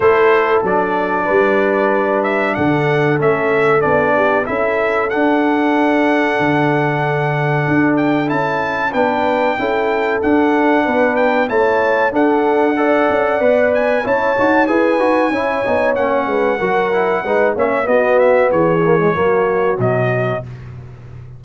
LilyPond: <<
  \new Staff \with { instrumentName = "trumpet" } { \time 4/4 \tempo 4 = 94 c''4 d''2~ d''8 e''8 | fis''4 e''4 d''4 e''4 | fis''1~ | fis''8 g''8 a''4 g''2 |
fis''4. g''8 a''4 fis''4~ | fis''4. gis''8 a''4 gis''4~ | gis''4 fis''2~ fis''8 e''8 | dis''8 e''8 cis''2 dis''4 | }
  \new Staff \with { instrumentName = "horn" } { \time 4/4 a'2 b'2 | a'2~ a'8 g'8 a'4~ | a'1~ | a'2 b'4 a'4~ |
a'4 b'4 cis''4 a'4 | d''2 cis''4 b'4 | cis''4. b'8 ais'4 b'8 cis''8 | fis'4 gis'4 fis'2 | }
  \new Staff \with { instrumentName = "trombone" } { \time 4/4 e'4 d'2.~ | d'4 cis'4 d'4 e'4 | d'1~ | d'4 e'4 d'4 e'4 |
d'2 e'4 d'4 | a'4 b'4 e'8 fis'8 gis'8 fis'8 | e'8 dis'8 cis'4 fis'8 e'8 dis'8 cis'8 | b4. ais16 gis16 ais4 fis4 | }
  \new Staff \with { instrumentName = "tuba" } { \time 4/4 a4 fis4 g2 | d4 a4 b4 cis'4 | d'2 d2 | d'4 cis'4 b4 cis'4 |
d'4 b4 a4 d'4~ | d'8 cis'8 b4 cis'8 dis'8 e'8 dis'8 | cis'8 b8 ais8 gis8 fis4 gis8 ais8 | b4 e4 fis4 b,4 | }
>>